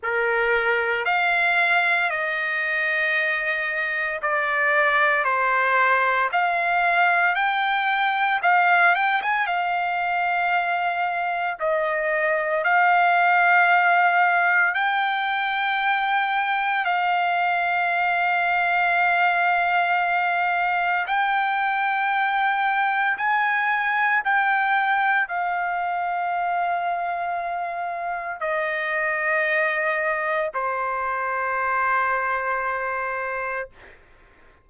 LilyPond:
\new Staff \with { instrumentName = "trumpet" } { \time 4/4 \tempo 4 = 57 ais'4 f''4 dis''2 | d''4 c''4 f''4 g''4 | f''8 g''16 gis''16 f''2 dis''4 | f''2 g''2 |
f''1 | g''2 gis''4 g''4 | f''2. dis''4~ | dis''4 c''2. | }